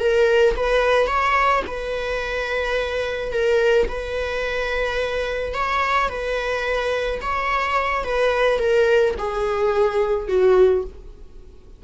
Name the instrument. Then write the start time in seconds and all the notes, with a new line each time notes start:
viola
0.00 A#4
0.57 B4
1.08 C#5
1.67 B4
3.33 A#4
3.89 B4
5.54 C#5
6.09 B4
7.22 C#5
8.05 B4
8.59 A#4
9.18 G#4
10.29 F#4